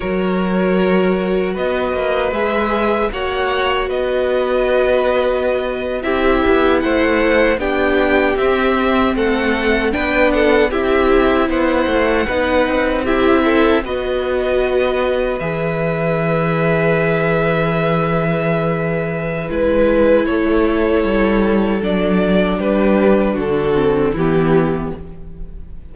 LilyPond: <<
  \new Staff \with { instrumentName = "violin" } { \time 4/4 \tempo 4 = 77 cis''2 dis''4 e''4 | fis''4 dis''2~ dis''8. e''16~ | e''8. fis''4 g''4 e''4 fis''16~ | fis''8. g''8 fis''8 e''4 fis''4~ fis''16~ |
fis''8. e''4 dis''2 e''16~ | e''1~ | e''4 b'4 cis''2 | d''4 b'4 a'4 g'4 | }
  \new Staff \with { instrumentName = "violin" } { \time 4/4 ais'2 b'2 | cis''4 b'2~ b'8. g'16~ | g'8. c''4 g'2 a'16~ | a'8. b'8 a'8 g'4 c''4 b'16~ |
b'8. g'8 a'8 b'2~ b'16~ | b'1~ | b'2 a'2~ | a'4 g'4 fis'4 e'4 | }
  \new Staff \with { instrumentName = "viola" } { \time 4/4 fis'2. gis'4 | fis'2.~ fis'8. e'16~ | e'4.~ e'16 d'4 c'4~ c'16~ | c'8. d'4 e'2 dis'16~ |
dis'8. e'4 fis'2 gis'16~ | gis'1~ | gis'4 e'2. | d'2~ d'8 c'8 b4 | }
  \new Staff \with { instrumentName = "cello" } { \time 4/4 fis2 b8 ais8 gis4 | ais4 b2~ b8. c'16~ | c'16 b8 a4 b4 c'4 a16~ | a8. b4 c'4 b8 a8 b16~ |
b16 c'4. b2 e16~ | e1~ | e4 gis4 a4 g4 | fis4 g4 d4 e4 | }
>>